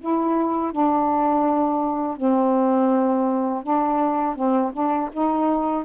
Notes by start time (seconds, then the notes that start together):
0.00 E4
0.72 D4
2.17 C4
3.63 D4
4.35 C4
4.73 D4
5.12 D#4